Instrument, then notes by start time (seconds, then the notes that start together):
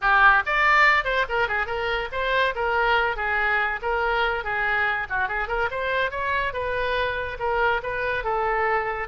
oboe
0.01 G4
0.46 D5
1.04 C5
1.28 A#4
1.48 G#4
1.66 A#4
2.12 C5
2.55 A#4
3.16 G#4
3.82 A#4
4.43 G#4
5.09 F#4
5.28 G#4
5.48 A#4
5.70 C5
6.11 C#5
6.53 B4
7.39 A#4
7.82 B4
8.24 A4